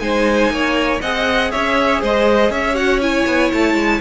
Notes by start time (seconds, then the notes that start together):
0.00 G#3 D#4 C5 G#5
0.51 A#3 C#5
1.01 C4 G#4 D#5 F#5
1.52 C#4 C#5 E5
2.02 G#3 C5 D#5
2.50 C#4 C#5 E5
2.76 F#4 F#5
3.02 E4 G#5
3.26 B3
3.53 A3 A5
3.75 G#3